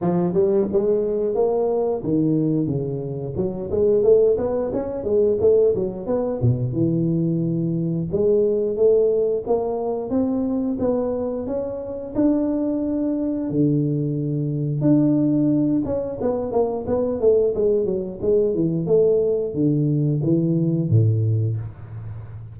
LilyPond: \new Staff \with { instrumentName = "tuba" } { \time 4/4 \tempo 4 = 89 f8 g8 gis4 ais4 dis4 | cis4 fis8 gis8 a8 b8 cis'8 gis8 | a8 fis8 b8 b,8 e2 | gis4 a4 ais4 c'4 |
b4 cis'4 d'2 | d2 d'4. cis'8 | b8 ais8 b8 a8 gis8 fis8 gis8 e8 | a4 d4 e4 a,4 | }